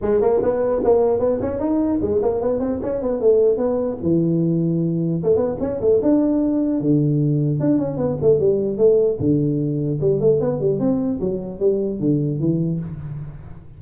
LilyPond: \new Staff \with { instrumentName = "tuba" } { \time 4/4 \tempo 4 = 150 gis8 ais8 b4 ais4 b8 cis'8 | dis'4 gis8 ais8 b8 c'8 cis'8 b8 | a4 b4 e2~ | e4 a8 b8 cis'8 a8 d'4~ |
d'4 d2 d'8 cis'8 | b8 a8 g4 a4 d4~ | d4 g8 a8 b8 g8 c'4 | fis4 g4 d4 e4 | }